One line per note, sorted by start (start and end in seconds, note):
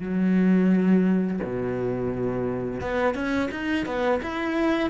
0.00 1.40 F#3
1.43 2.81 B2
2.81 3.14 B3
3.14 3.49 C#4
3.51 3.85 D#4
3.85 4.20 B3
4.22 4.89 E4